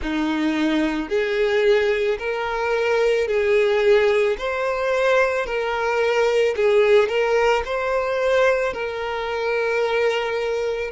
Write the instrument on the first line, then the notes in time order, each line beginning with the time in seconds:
violin
0.01 D#4
1.09 G#4
2.18 A#4
3.27 G#4
4.37 C5
5.45 A#4
6.56 G#4
7.08 A#4
7.65 C5
8.73 A#4